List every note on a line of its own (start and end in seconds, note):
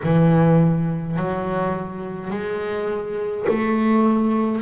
0.03 1.16 E3
1.16 2.30 F#3
2.30 3.46 G#3
3.48 4.61 A3